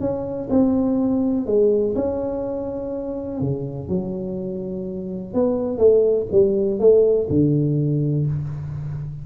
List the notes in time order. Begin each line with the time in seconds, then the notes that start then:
0.00 C#4
0.49 C4
1.46 G#3
1.95 C#4
3.40 C#3
3.88 F#3
5.33 B3
5.78 A3
6.31 G3
6.79 A3
7.29 D3